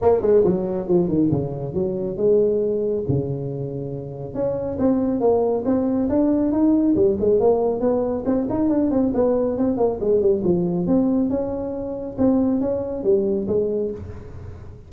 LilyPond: \new Staff \with { instrumentName = "tuba" } { \time 4/4 \tempo 4 = 138 ais8 gis8 fis4 f8 dis8 cis4 | fis4 gis2 cis4~ | cis2 cis'4 c'4 | ais4 c'4 d'4 dis'4 |
g8 gis8 ais4 b4 c'8 dis'8 | d'8 c'8 b4 c'8 ais8 gis8 g8 | f4 c'4 cis'2 | c'4 cis'4 g4 gis4 | }